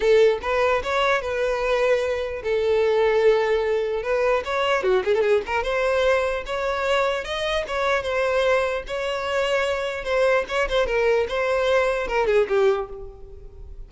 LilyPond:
\new Staff \with { instrumentName = "violin" } { \time 4/4 \tempo 4 = 149 a'4 b'4 cis''4 b'4~ | b'2 a'2~ | a'2 b'4 cis''4 | fis'8 gis'16 a'16 gis'8 ais'8 c''2 |
cis''2 dis''4 cis''4 | c''2 cis''2~ | cis''4 c''4 cis''8 c''8 ais'4 | c''2 ais'8 gis'8 g'4 | }